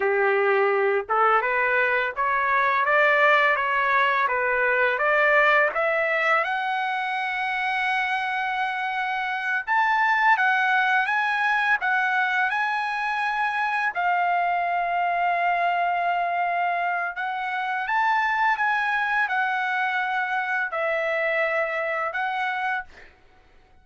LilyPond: \new Staff \with { instrumentName = "trumpet" } { \time 4/4 \tempo 4 = 84 g'4. a'8 b'4 cis''4 | d''4 cis''4 b'4 d''4 | e''4 fis''2.~ | fis''4. a''4 fis''4 gis''8~ |
gis''8 fis''4 gis''2 f''8~ | f''1 | fis''4 a''4 gis''4 fis''4~ | fis''4 e''2 fis''4 | }